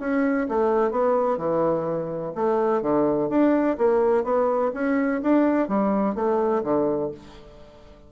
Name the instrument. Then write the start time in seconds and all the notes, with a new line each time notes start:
bassoon
0.00 C#4
0.49 A3
0.91 B3
1.38 E3
2.35 A3
2.82 D3
3.30 D4
3.78 A#3
4.24 B3
4.74 C#4
5.23 D4
5.69 G3
6.15 A3
6.64 D3